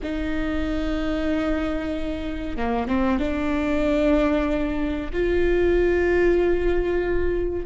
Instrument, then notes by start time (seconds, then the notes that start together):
viola
0.02 D#4
2.56 A#3
2.87 C4
3.19 D4
5.12 F4